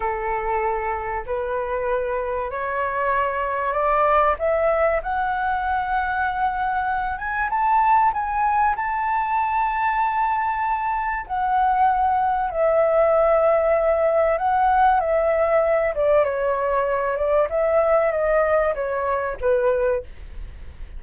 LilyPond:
\new Staff \with { instrumentName = "flute" } { \time 4/4 \tempo 4 = 96 a'2 b'2 | cis''2 d''4 e''4 | fis''2.~ fis''8 gis''8 | a''4 gis''4 a''2~ |
a''2 fis''2 | e''2. fis''4 | e''4. d''8 cis''4. d''8 | e''4 dis''4 cis''4 b'4 | }